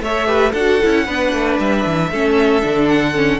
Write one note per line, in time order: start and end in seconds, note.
0.00 0.52 A3
0.00 0.26 A4
0.00 0.27 C#5
0.00 0.52 E5
0.26 0.52 G4
0.26 0.52 B4
0.52 0.80 D4
0.52 0.82 F#4
0.52 1.04 A4
0.52 1.56 F#5
0.83 1.08 C#4
0.83 1.08 E4
1.06 1.33 B3
1.06 2.12 D4
1.06 2.10 B4
1.33 1.59 A3
1.59 1.85 G3
1.59 2.88 E5
1.86 2.11 E3
2.11 2.63 A3
2.11 2.62 C#4
2.11 3.39 A4
2.62 3.39 D3
2.62 3.14 D4
2.88 3.39 F#5
3.14 3.39 C#4